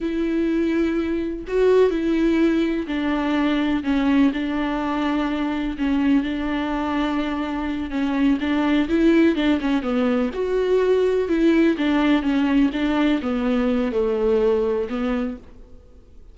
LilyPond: \new Staff \with { instrumentName = "viola" } { \time 4/4 \tempo 4 = 125 e'2. fis'4 | e'2 d'2 | cis'4 d'2. | cis'4 d'2.~ |
d'8 cis'4 d'4 e'4 d'8 | cis'8 b4 fis'2 e'8~ | e'8 d'4 cis'4 d'4 b8~ | b4 a2 b4 | }